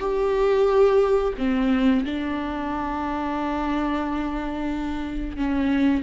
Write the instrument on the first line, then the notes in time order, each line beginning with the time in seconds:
viola
0.00 G4
1.38 C4
2.05 D4
5.37 C#4